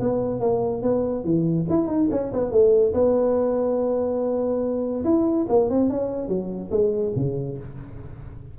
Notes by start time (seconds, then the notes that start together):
0.00 B3
0.40 A#3
0.83 B3
1.25 E3
1.70 E4
1.88 D#4
2.11 C#4
2.33 B3
2.52 A3
2.94 B3
5.04 E4
5.49 A#3
5.70 C4
5.90 C#4
6.28 F#3
6.71 G#3
7.16 C#3